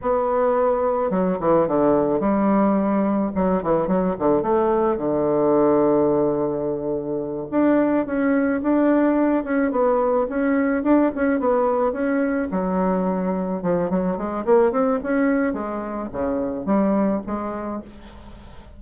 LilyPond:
\new Staff \with { instrumentName = "bassoon" } { \time 4/4 \tempo 4 = 108 b2 fis8 e8 d4 | g2 fis8 e8 fis8 d8 | a4 d2.~ | d4. d'4 cis'4 d'8~ |
d'4 cis'8 b4 cis'4 d'8 | cis'8 b4 cis'4 fis4.~ | fis8 f8 fis8 gis8 ais8 c'8 cis'4 | gis4 cis4 g4 gis4 | }